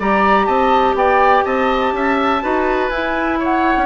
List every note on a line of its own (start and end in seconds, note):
0.00 0.48 G3
0.00 2.42 G4
0.00 0.47 D5
0.00 0.46 A#5
0.46 0.95 C4
0.46 0.95 D#5
0.46 0.95 A5
0.95 1.43 B3
0.95 1.45 D5
0.95 1.45 G5
1.45 1.93 C4
1.45 1.94 D#5
1.45 2.90 A5
1.93 2.42 C#4
1.93 2.44 E5
2.42 2.90 D#4
2.42 2.91 F#4
2.42 3.40 B4
2.90 3.76 E4
2.90 3.86 E4
2.90 3.38 G#5
3.40 3.86 C#5
3.40 3.86 F#5
3.77 3.86 C#4